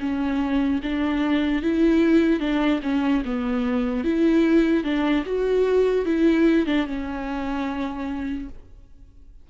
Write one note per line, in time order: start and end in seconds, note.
0.00 0.81 C#4
0.83 1.63 D4
1.63 2.40 E4
2.40 2.80 D4
2.83 3.23 C#4
3.25 4.04 B3
4.04 4.84 E4
4.84 5.24 D4
5.26 6.06 F#4
6.06 6.67 E4
6.67 6.87 D4
6.87 8.49 C#4